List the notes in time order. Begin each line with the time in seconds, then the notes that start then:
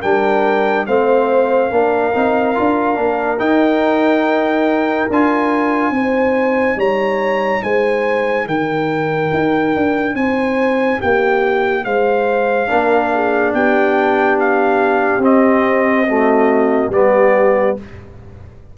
0.00 G3 D4 A#4 G5
0.86 A3 C4 C5 F5
1.70 A#3 D4 A#4
2.13 C4 D#4
2.55 D4 F4
2.95 A#3 D4
3.39 D#4 G5
5.10 D4 F4 G#5
5.91 C4 D#4 C5
6.76 G3 C#5 A#5
7.62 G#3 C5 G#5
8.46 D#3 A#4 G5
9.33 D#4
9.76 D4
10.14 C4 C5 G#5
10.98 A#3 G4 G5
11.84 G#3 C5 F5
12.67 A#3 D4 A#4
13.13 G#4
13.53 B3 G4 G5
14.39 F5
15.18 C4 D#5
16.07 A3 F#4
16.89 G3 B3 G4 D5